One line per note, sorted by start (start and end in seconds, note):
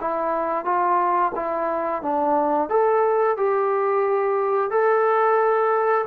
0.00 0.64 E4
0.64 1.32 F4
1.35 2.02 E4
2.02 2.69 D4
2.69 3.36 A4
3.36 4.70 G4
4.70 6.05 A4